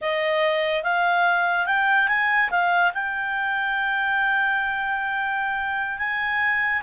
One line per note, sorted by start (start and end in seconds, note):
0.01 0.83 D#5
0.83 1.66 F5
1.66 2.08 G5
2.08 2.50 G#5
2.50 2.92 F5
2.94 5.98 G5
5.98 6.82 G#5